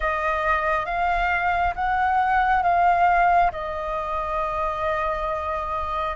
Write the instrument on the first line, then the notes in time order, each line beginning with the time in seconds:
flute
0.00 D#5
0.85 F5
1.74 F#5
2.62 F5
3.51 D#5